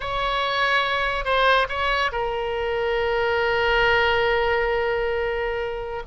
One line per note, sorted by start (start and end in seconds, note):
0.00 1.24 C#5
1.24 1.67 C5
1.69 2.11 C#5
2.11 6.02 A#4